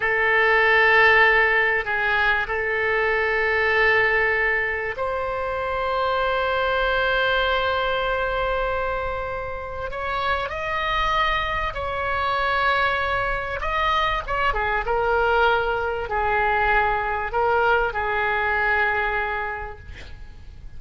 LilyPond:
\new Staff \with { instrumentName = "oboe" } { \time 4/4 \tempo 4 = 97 a'2. gis'4 | a'1 | c''1~ | c''1 |
cis''4 dis''2 cis''4~ | cis''2 dis''4 cis''8 gis'8 | ais'2 gis'2 | ais'4 gis'2. | }